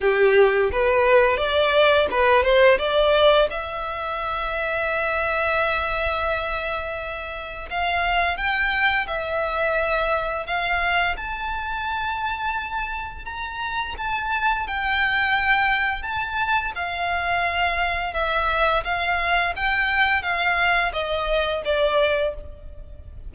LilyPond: \new Staff \with { instrumentName = "violin" } { \time 4/4 \tempo 4 = 86 g'4 b'4 d''4 b'8 c''8 | d''4 e''2.~ | e''2. f''4 | g''4 e''2 f''4 |
a''2. ais''4 | a''4 g''2 a''4 | f''2 e''4 f''4 | g''4 f''4 dis''4 d''4 | }